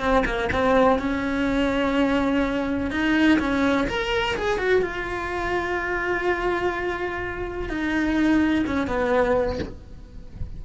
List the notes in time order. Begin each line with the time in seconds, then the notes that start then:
0.00 C4
0.25 A#3
0.53 C4
0.99 C#4
2.91 D#4
3.39 C#4
3.88 A#4
4.36 G#4
4.58 F#4
4.82 F4
7.70 D#4
8.67 C#4
8.88 B3